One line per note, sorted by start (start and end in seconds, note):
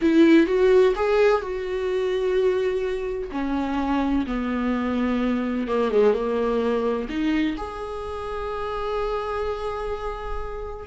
0.01 0.46 E4
0.46 0.93 F#4
0.95 1.41 G#4
1.41 3.30 F#4
3.31 4.26 C#4
4.26 5.67 B3
5.67 5.91 A#3
5.91 6.13 G#3
6.13 7.08 A#3
7.09 7.56 D#4
7.57 10.87 G#4